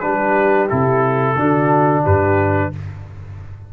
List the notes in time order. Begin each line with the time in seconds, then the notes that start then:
0.00 G3 D4 G4 B4
0.69 C3 E4 A4
1.36 D3 D4 F#4
2.03 G2 G4 B4